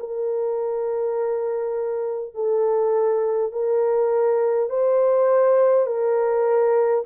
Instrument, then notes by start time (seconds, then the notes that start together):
horn
0.00 A#4
2.35 A4
3.52 A#4
4.70 C5
5.87 A#4